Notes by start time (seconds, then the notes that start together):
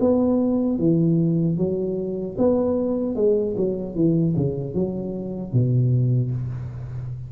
0.00 B3
0.79 E3
1.57 F#3
2.38 B3
3.15 G#3
3.57 F#3
3.95 E3
4.36 C#3
4.74 F#3
5.52 B2